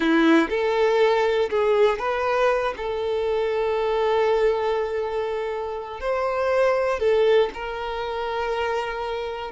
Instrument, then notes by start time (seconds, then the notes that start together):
violin
0.00 E4
0.49 A4
1.50 G#4
1.99 B4
2.76 A4
6.00 C5
6.99 A4
7.53 A#4